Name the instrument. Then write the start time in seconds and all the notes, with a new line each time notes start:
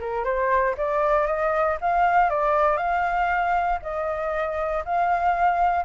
flute
0.00 A#4
0.24 C5
0.77 D5
1.27 D#5
1.81 F5
2.30 D5
2.77 F5
3.82 D#5
4.85 F5